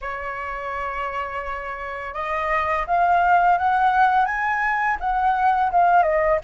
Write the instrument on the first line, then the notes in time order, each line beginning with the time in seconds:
flute
0.01 C#5
2.14 D#5
2.86 F5
3.58 F#5
4.25 G#5
5.00 F#5
5.71 F5
6.03 D#5